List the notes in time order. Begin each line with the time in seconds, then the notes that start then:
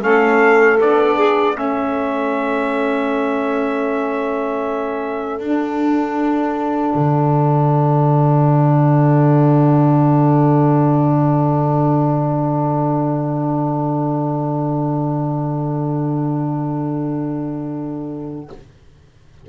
0.00 A3 C#4 A4 F5
0.80 B3 D4 D5
1.16 G#4
1.54 A3 C#4 A4 E5
5.39 D4 F#5
6.95 D3